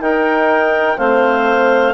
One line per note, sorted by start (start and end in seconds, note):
0.00 0.97 D#4
0.00 0.97 A#4
0.00 0.98 G5
0.97 1.94 A3
0.97 1.94 C4
0.97 1.94 C5
0.97 1.94 F5